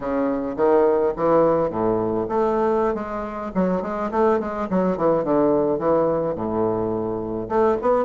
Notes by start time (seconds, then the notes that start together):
0.00 C#3
0.56 D#3
1.16 E3
1.70 A2
2.28 A3
2.94 G#3
3.55 F#3
3.82 G#3
4.11 A3
4.39 G#3
4.70 F#3
4.97 E3
5.24 D3
5.79 E3
6.35 A2
7.48 A3
7.81 B3